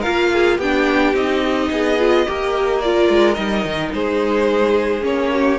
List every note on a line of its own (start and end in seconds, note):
0.00 0.60 F4
0.00 0.28 A#4
0.00 0.58 F5
0.08 0.59 A#3
0.33 0.57 G#4
0.57 1.14 B3
0.57 1.15 D4
0.57 1.69 G4
0.57 1.15 G5
1.14 1.70 C4
1.14 1.98 D#4
1.14 2.82 D#5
1.71 2.26 B3
1.71 2.27 G#4
1.99 2.26 F4
2.26 3.09 A#3
2.26 2.82 G4
2.26 3.95 A#4
2.82 3.34 F4
2.82 3.34 D5
3.09 3.37 G#3
3.34 3.66 G3
3.34 5.01 D#4
3.34 3.90 D#5
3.66 3.94 D#3
3.94 5.03 G#3
3.94 5.33 G#4
3.94 5.05 C5
5.02 5.59 A#3
5.02 5.57 C#4
5.02 5.59 C#5
5.33 5.59 G4